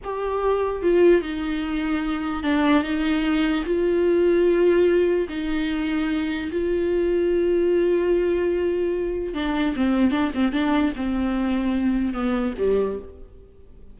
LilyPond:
\new Staff \with { instrumentName = "viola" } { \time 4/4 \tempo 4 = 148 g'2 f'4 dis'4~ | dis'2 d'4 dis'4~ | dis'4 f'2.~ | f'4 dis'2. |
f'1~ | f'2. d'4 | c'4 d'8 c'8 d'4 c'4~ | c'2 b4 g4 | }